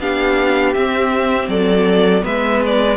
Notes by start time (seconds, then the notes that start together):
0.00 B3 D4 G4 F5
0.74 C4 E5
1.48 F#3 A4 D5
2.22 G#3 B3 B4 E5
2.66 D5